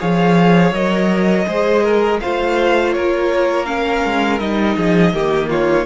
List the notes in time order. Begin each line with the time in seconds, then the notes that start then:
0.00 F3 G#4 C#5 F5
0.72 F#3 A#4 D#5
1.47 G#3 G#4 C5
1.84 A#4
2.20 A3 F4 C5 F5
2.93 A#3 A#4 C#5
3.66 C#4 F5
4.05 G#3
4.39 G3 D#4 D#5
4.77 F3 G#4
5.14 D#3 A#3 G4
5.50 F4 C#5